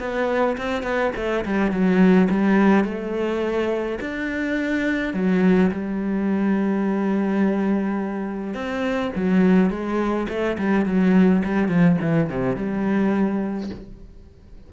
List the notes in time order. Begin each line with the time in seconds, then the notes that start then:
0.00 B3
0.58 C4
0.83 B3
1.16 A3
1.45 G3
1.71 F#3
2.30 G3
2.85 A3
4.01 D4
5.14 F#3
5.71 G3
8.54 C4
9.16 F#3
9.70 G#3
10.29 A3
10.58 G3
10.86 F#3
11.44 G3
11.68 F3
12.01 E3
12.30 C3
12.56 G3